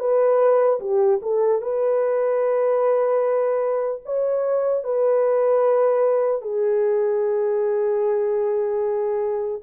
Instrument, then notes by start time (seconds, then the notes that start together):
horn
0.00 B4
0.80 G4
1.22 A4
1.61 B4
4.05 C#5
4.84 B4
6.42 G#4